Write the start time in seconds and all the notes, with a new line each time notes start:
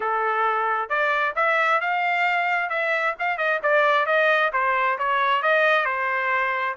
0.00 A4
0.89 D5
1.35 E5
1.80 F5
2.69 E5
3.19 F5
3.37 D#5
3.62 D5
4.06 D#5
4.53 C5
4.98 C#5
5.42 D#5
5.85 C5